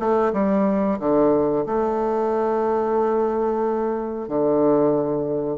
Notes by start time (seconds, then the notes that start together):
0.00 A3
0.33 G3
1.00 D3
1.66 A3
4.28 D3